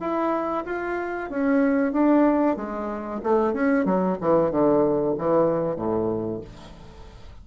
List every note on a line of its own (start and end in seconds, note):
0.00 0.65 E4
0.65 1.30 F4
1.30 1.92 C#4
1.92 2.56 D4
2.56 3.21 G#3
3.23 3.53 A3
3.53 3.85 C#4
3.85 4.17 F#3
4.21 4.51 E3
4.51 5.15 D3
5.18 5.76 E3
5.76 6.40 A2